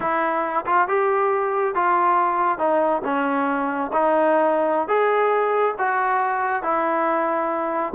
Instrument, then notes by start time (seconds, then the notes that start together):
trombone
0.00 E4
0.66 F4
0.88 G4
1.75 F4
2.58 D#4
3.04 C#4
3.92 D#4
4.88 G#4
5.78 F#4
6.62 E4